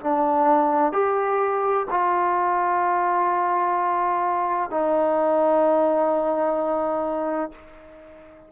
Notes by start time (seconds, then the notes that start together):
0.00 D4
0.92 G4
1.90 F4
4.70 D#4